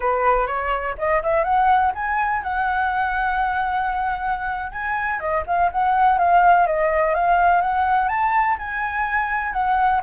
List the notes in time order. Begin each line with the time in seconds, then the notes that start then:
0.00 B4
0.47 C#5
0.98 D#5
1.22 E5
1.43 F#5
1.94 G#5
2.42 F#5
4.72 G#5
5.19 D#5
5.46 F5
5.71 F#5
6.18 F5
6.66 D#5
7.14 F5
7.61 F#5
8.08 A5
8.58 G#5
9.52 F#5